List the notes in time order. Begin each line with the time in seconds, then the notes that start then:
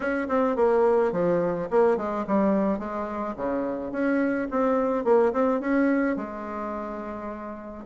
0.00 C#4
0.28 C4
0.56 A#3
1.12 F3
1.70 A#3
1.97 G#3
2.27 G3
2.79 G#3
3.36 C#3
3.92 C#4
4.50 C4
5.04 A#3
5.33 C4
5.60 C#4
6.16 G#3